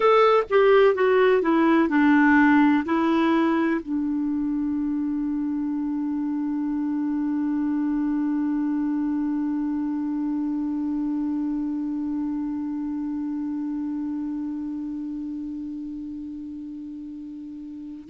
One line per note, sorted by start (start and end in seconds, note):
0.00 0.43 A4
0.50 0.94 G4
0.94 1.42 F#4
1.42 1.88 E4
1.88 2.84 D4
2.85 3.80 E4
3.82 18.09 D4